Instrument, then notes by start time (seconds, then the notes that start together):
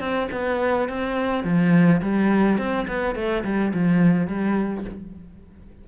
cello
0.00 C4
0.32 B3
0.89 C4
1.44 F3
2.02 G3
2.58 C4
2.88 B3
3.16 A3
3.44 G3
3.74 F3
4.27 G3